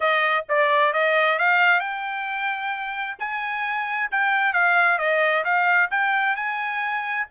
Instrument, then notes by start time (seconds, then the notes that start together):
trumpet
0.00 D#5
0.49 D5
0.93 D#5
1.39 F5
1.80 G5
3.19 G#5
4.11 G5
4.53 F5
4.98 D#5
5.44 F5
5.90 G5
6.35 G#5